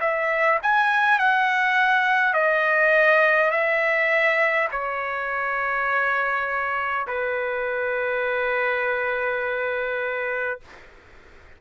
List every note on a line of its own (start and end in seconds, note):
0.00 0.59 E5
0.62 1.19 G#5
1.19 2.33 F#5
2.33 3.50 D#5
3.50 4.68 E5
4.71 7.06 C#5
7.07 10.60 B4